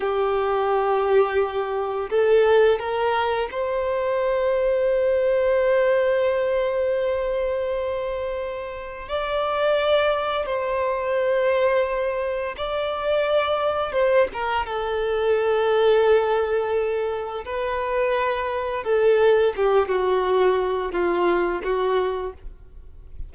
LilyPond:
\new Staff \with { instrumentName = "violin" } { \time 4/4 \tempo 4 = 86 g'2. a'4 | ais'4 c''2.~ | c''1~ | c''4 d''2 c''4~ |
c''2 d''2 | c''8 ais'8 a'2.~ | a'4 b'2 a'4 | g'8 fis'4. f'4 fis'4 | }